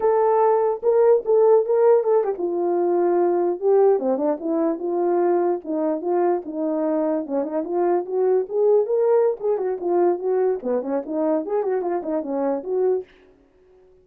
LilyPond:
\new Staff \with { instrumentName = "horn" } { \time 4/4 \tempo 4 = 147 a'2 ais'4 a'4 | ais'4 a'8 g'16 f'2~ f'16~ | f'8. g'4 c'8 d'8 e'4 f'16~ | f'4.~ f'16 dis'4 f'4 dis'16~ |
dis'4.~ dis'16 cis'8 dis'8 f'4 fis'16~ | fis'8. gis'4 ais'4~ ais'16 gis'8 fis'8 | f'4 fis'4 b8 cis'8 dis'4 | gis'8 fis'8 f'8 dis'8 cis'4 fis'4 | }